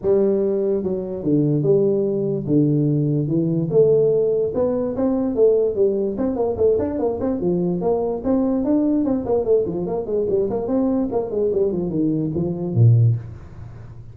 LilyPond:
\new Staff \with { instrumentName = "tuba" } { \time 4/4 \tempo 4 = 146 g2 fis4 d4 | g2 d2 | e4 a2 b4 | c'4 a4 g4 c'8 ais8 |
a8 d'8 ais8 c'8 f4 ais4 | c'4 d'4 c'8 ais8 a8 f8 | ais8 gis8 g8 ais8 c'4 ais8 gis8 | g8 f8 dis4 f4 ais,4 | }